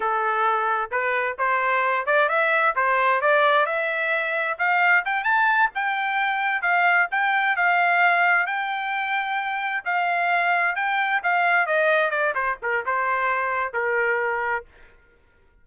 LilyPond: \new Staff \with { instrumentName = "trumpet" } { \time 4/4 \tempo 4 = 131 a'2 b'4 c''4~ | c''8 d''8 e''4 c''4 d''4 | e''2 f''4 g''8 a''8~ | a''8 g''2 f''4 g''8~ |
g''8 f''2 g''4.~ | g''4. f''2 g''8~ | g''8 f''4 dis''4 d''8 c''8 ais'8 | c''2 ais'2 | }